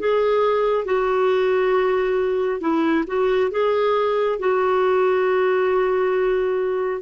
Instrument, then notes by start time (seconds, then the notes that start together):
clarinet
0.00 G#4
0.85 F#4
2.61 E4
3.07 F#4
3.51 G#4
4.39 F#4